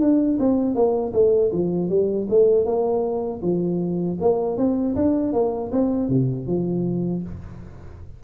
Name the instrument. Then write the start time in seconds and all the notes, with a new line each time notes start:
tuba
0.00 D4
0.39 C4
0.75 A#3
1.13 A3
1.52 F3
1.89 G3
2.30 A3
2.65 A#3
3.42 F3
4.21 A#3
4.57 C4
4.96 D4
5.33 A#3
5.72 C4
6.09 C3
6.47 F3